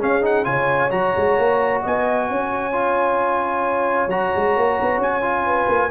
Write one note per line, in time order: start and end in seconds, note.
0.00 0.22 C#4
0.00 0.46 C#4
0.00 0.47 G#4
0.00 0.25 F5
0.22 0.45 D#4
0.22 0.45 F#5
0.45 0.91 C#3
0.45 0.90 F4
0.45 1.83 C#5
0.45 0.91 G#5
0.91 1.14 F#3
0.91 2.73 F#4
0.91 1.82 A#5
1.17 1.39 G#3
1.39 1.84 A#3
1.83 2.31 B3
1.83 2.28 D#5
1.83 4.10 G#5
2.30 4.07 C#4
2.30 5.46 C#5
2.73 4.09 F4
4.07 4.30 F#3
4.07 5.22 F#4
4.07 5.01 A#5
4.36 4.57 G#3
4.57 4.79 A#3
4.82 4.98 B3
4.98 5.66 C#4
4.98 5.91 G#5
5.22 5.90 F4
5.46 5.91 B4
5.69 5.91 A#3